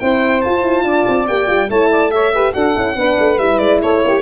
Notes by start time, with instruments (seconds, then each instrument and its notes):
0.00 tuba C4, horn E4, saxophone C5, violin G5
0.42 horn F4, tuba F4, violin A5
0.62 tuba E4
0.84 tuba D4, saxophone D5
1.08 tuba C4
1.28 tuba A#3, horn G4, violin G5
1.47 tuba G3, horn F4
1.69 tuba A3, horn E4, saxophone C#5, violin A5
1.91 saxophone D5
2.11 horn A4, saxophone C#5, violin E5
2.33 horn G4, saxophone B4
2.53 tuba D4, horn F#4, saxophone A4, violin F#5
2.75 tuba C#4, horn E4
2.96 tuba B3, horn D4, saxophone B4
3.19 tuba A3
3.38 tuba G3, horn E4, violin E5
3.58 tuba G#3, violin D5
3.81 tuba A3, saxophone A4, violin C#5
4.05 tuba A#3, saxophone G4